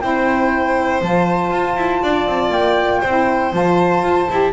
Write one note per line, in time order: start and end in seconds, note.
0.00 1.01 C4
0.00 1.01 E4
0.00 2.03 C5
0.00 1.01 G5
1.01 1.51 F3
1.01 3.04 F4
1.01 2.52 A5
1.51 1.76 F4
1.76 2.01 E4
2.02 2.27 D4
2.02 3.00 D5
2.27 2.49 C4
2.49 3.00 A#3
2.49 3.53 G5
3.00 3.53 C4
3.00 4.51 C5
3.07 3.52 E4
3.52 4.03 F3
3.52 4.27 F4
3.52 4.52 A5
4.03 4.28 F4
4.30 4.52 E4
4.30 4.52 G4